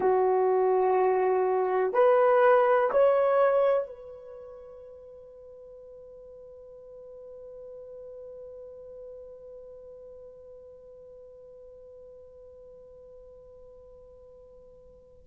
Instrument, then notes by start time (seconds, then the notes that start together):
horn
0.00 F#4
1.93 B4
2.91 C#5
3.87 B4